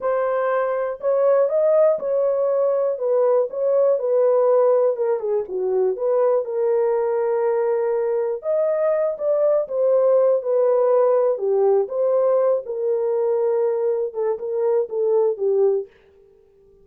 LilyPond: \new Staff \with { instrumentName = "horn" } { \time 4/4 \tempo 4 = 121 c''2 cis''4 dis''4 | cis''2 b'4 cis''4 | b'2 ais'8 gis'8 fis'4 | b'4 ais'2.~ |
ais'4 dis''4. d''4 c''8~ | c''4 b'2 g'4 | c''4. ais'2~ ais'8~ | ais'8 a'8 ais'4 a'4 g'4 | }